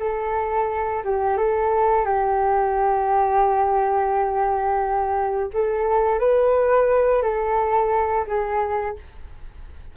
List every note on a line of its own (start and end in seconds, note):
0.00 1.03 A4
1.04 1.37 G4
1.37 2.06 A4
2.06 5.50 G4
5.54 6.20 A4
6.20 7.23 B4
7.23 8.26 A4
8.27 8.96 G#4